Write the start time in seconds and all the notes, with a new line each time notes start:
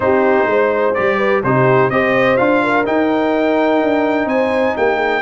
0.00 C4 D#4 G4 C5
0.46 G#3 C5
0.93 G3 G4 D5
1.17 B4
1.43 C3 D#4 G4 C5
1.89 C4 G4 C5 D#5
2.36 D4 F4 F5
2.63 A#4
2.85 D#4 G5
3.83 D4
4.25 C4 C5 G#5
4.76 A#3 G4 G5
4.96 G#4